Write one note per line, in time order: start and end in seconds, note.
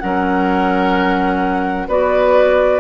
0.00 1.88 F#3
0.00 1.89 C#4
0.00 1.88 A#4
0.00 1.88 F#5
1.88 2.80 B3
1.88 2.80 F#4
1.88 2.80 B4
1.88 2.80 D5